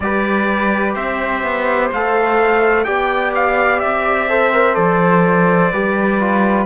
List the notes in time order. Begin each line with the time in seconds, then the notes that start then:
0.00 G3 G4 B4 D5
0.94 C4 C5 E5
1.43 B3
1.92 A3 A4 F5
2.84 B3 G4 D5 G5
3.34 F5
3.79 C4 E5
4.28 A4 C5
4.53 A#4
4.74 F3 A4 D5
5.71 G3 G4 B4
6.20 F4